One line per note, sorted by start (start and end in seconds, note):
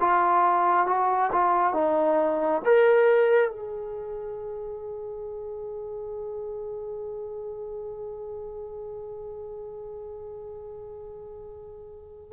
0.00 0.87 F4
0.87 1.31 F#4
1.32 1.74 F4
1.74 2.62 D#4
2.65 3.51 A#4
3.51 12.33 G#4